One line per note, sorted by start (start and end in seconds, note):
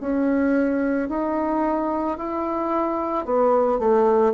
0.00 1.08 C#4
1.08 2.17 D#4
2.17 3.25 E4
3.25 3.78 B3
3.78 4.33 A3